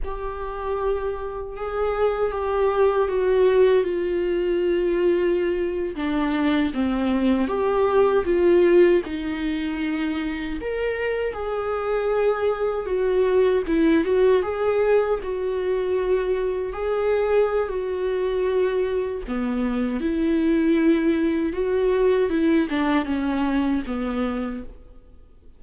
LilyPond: \new Staff \with { instrumentName = "viola" } { \time 4/4 \tempo 4 = 78 g'2 gis'4 g'4 | fis'4 f'2~ f'8. d'16~ | d'8. c'4 g'4 f'4 dis'16~ | dis'4.~ dis'16 ais'4 gis'4~ gis'16~ |
gis'8. fis'4 e'8 fis'8 gis'4 fis'16~ | fis'4.~ fis'16 gis'4~ gis'16 fis'4~ | fis'4 b4 e'2 | fis'4 e'8 d'8 cis'4 b4 | }